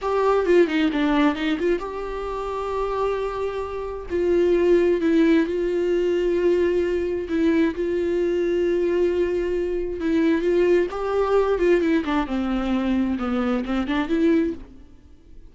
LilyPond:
\new Staff \with { instrumentName = "viola" } { \time 4/4 \tempo 4 = 132 g'4 f'8 dis'8 d'4 dis'8 f'8 | g'1~ | g'4 f'2 e'4 | f'1 |
e'4 f'2.~ | f'2 e'4 f'4 | g'4. f'8 e'8 d'8 c'4~ | c'4 b4 c'8 d'8 e'4 | }